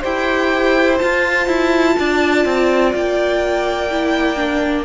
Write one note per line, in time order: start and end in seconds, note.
0.00 1.01 E4
0.00 0.97 G4
0.00 1.94 C5
0.00 0.98 G5
0.97 3.87 F4
0.97 1.47 F4
0.97 2.91 A5
1.47 1.95 E4
1.99 2.45 D4
1.99 4.84 D5
2.45 2.93 C4
2.95 4.84 A#3
2.95 4.84 G5
3.91 4.36 E4
4.36 4.84 D4